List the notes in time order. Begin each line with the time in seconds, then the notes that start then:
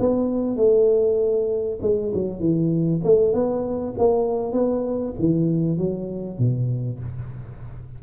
0.00 B3
0.56 A3
1.82 G#3
2.14 F#3
2.40 E3
3.04 A3
3.34 B3
3.98 A#3
4.53 B3
5.19 E3
5.78 F#3
6.39 B2